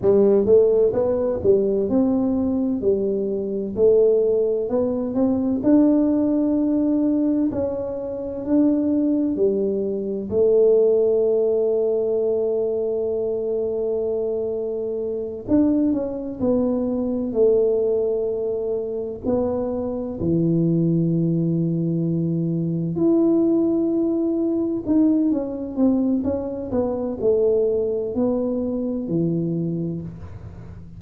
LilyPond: \new Staff \with { instrumentName = "tuba" } { \time 4/4 \tempo 4 = 64 g8 a8 b8 g8 c'4 g4 | a4 b8 c'8 d'2 | cis'4 d'4 g4 a4~ | a1~ |
a8 d'8 cis'8 b4 a4.~ | a8 b4 e2~ e8~ | e8 e'2 dis'8 cis'8 c'8 | cis'8 b8 a4 b4 e4 | }